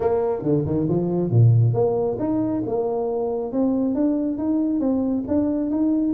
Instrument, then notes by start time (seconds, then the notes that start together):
tuba
0.00 A#3
0.42 D3
0.65 D#3
0.88 F3
1.30 A#2
1.73 A#3
2.19 D#4
2.66 A#3
3.52 C4
3.95 D4
4.37 D#4
4.80 C4
5.27 D4
5.70 D#4